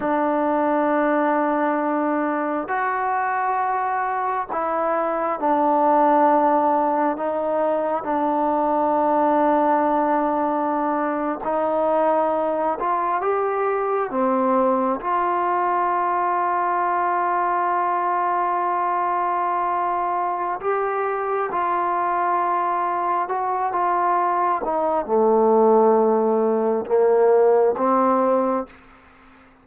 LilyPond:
\new Staff \with { instrumentName = "trombone" } { \time 4/4 \tempo 4 = 67 d'2. fis'4~ | fis'4 e'4 d'2 | dis'4 d'2.~ | d'8. dis'4. f'8 g'4 c'16~ |
c'8. f'2.~ f'16~ | f'2. g'4 | f'2 fis'8 f'4 dis'8 | a2 ais4 c'4 | }